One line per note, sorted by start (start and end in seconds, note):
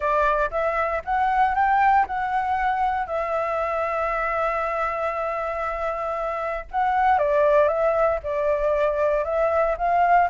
0.00 0.49 D5
0.50 1.02 E5
1.05 1.54 F#5
1.54 2.06 G5
2.06 3.06 F#5
3.06 6.65 E5
6.71 7.18 F#5
7.18 7.67 D5
7.67 8.19 E5
8.23 9.24 D5
9.24 9.76 E5
9.77 10.28 F5